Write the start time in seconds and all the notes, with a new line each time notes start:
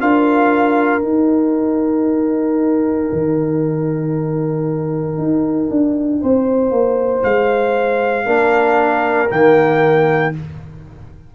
0.00 D4 F4 A#4 F5
1.02 D#4 G5
3.13 D#3
5.18 D#4
5.70 D4
6.21 C4 C5
6.71 A#3
7.23 G#3 F5
8.26 A#3 D4 A#4
9.30 D#3 A#3 G5